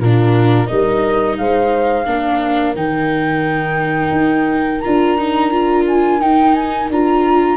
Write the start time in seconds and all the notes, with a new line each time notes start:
0.00 A#2 D4 F4 A#4
0.67 G3 D#4 A#4 D#5
1.38 G#3 C5 F5
2.06 A#3 D4 A#4
2.76 D#3 D#4 G5
4.12 D#4
4.80 F4 A#5
4.87 D4
5.18 D#4
5.51 F4
5.88 G#5
6.21 D#4 G5
6.55 G#5
6.90 D4 F4 A#5